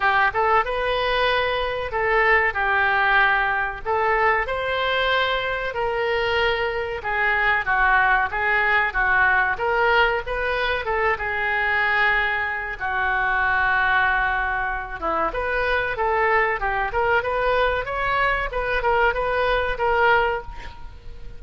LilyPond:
\new Staff \with { instrumentName = "oboe" } { \time 4/4 \tempo 4 = 94 g'8 a'8 b'2 a'4 | g'2 a'4 c''4~ | c''4 ais'2 gis'4 | fis'4 gis'4 fis'4 ais'4 |
b'4 a'8 gis'2~ gis'8 | fis'2.~ fis'8 e'8 | b'4 a'4 g'8 ais'8 b'4 | cis''4 b'8 ais'8 b'4 ais'4 | }